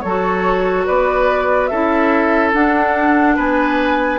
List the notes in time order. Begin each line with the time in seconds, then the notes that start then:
0.00 F#3 A4 C#5
0.06 F#4
0.86 B3 B4 D5
1.66 C#4 E4 A4 E5
2.53 D4 F#5
3.35 B3 B4 G#5